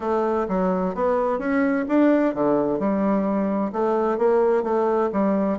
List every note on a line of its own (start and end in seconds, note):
0.00 0.47 A3
0.48 0.94 F#3
0.94 1.38 B3
1.38 1.85 C#4
1.88 2.34 D4
2.34 2.79 D3
2.79 3.72 G3
3.72 4.18 A3
4.18 4.63 A#3
4.63 5.10 A3
5.12 5.58 G3